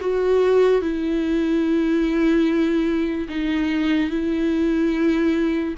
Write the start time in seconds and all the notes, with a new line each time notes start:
0.00 F#4
0.81 E4
3.28 D#4
4.10 E4